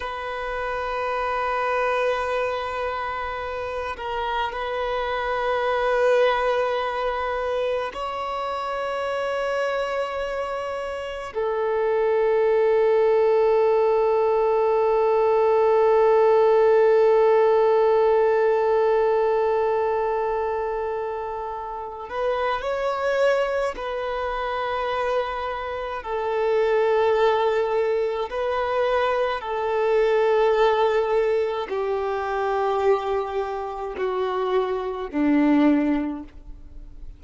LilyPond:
\new Staff \with { instrumentName = "violin" } { \time 4/4 \tempo 4 = 53 b'2.~ b'8 ais'8 | b'2. cis''4~ | cis''2 a'2~ | a'1~ |
a'2.~ a'8 b'8 | cis''4 b'2 a'4~ | a'4 b'4 a'2 | g'2 fis'4 d'4 | }